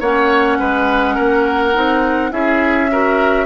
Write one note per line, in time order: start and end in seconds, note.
0.00 0.58 A#3
0.00 1.74 C#4
0.00 0.58 C#5
0.00 2.32 F#5
0.59 1.18 G#3
0.59 1.15 B4
1.15 1.76 A#3
1.15 2.30 A#4
1.74 2.32 C4
1.74 2.31 D#4
2.31 3.46 C#4
2.31 2.89 E4
2.31 2.91 G#4
2.31 3.46 E5
2.91 3.46 F#4
2.91 3.46 A#4